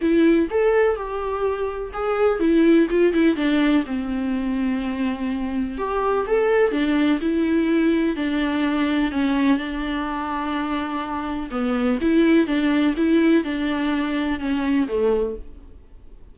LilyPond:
\new Staff \with { instrumentName = "viola" } { \time 4/4 \tempo 4 = 125 e'4 a'4 g'2 | gis'4 e'4 f'8 e'8 d'4 | c'1 | g'4 a'4 d'4 e'4~ |
e'4 d'2 cis'4 | d'1 | b4 e'4 d'4 e'4 | d'2 cis'4 a4 | }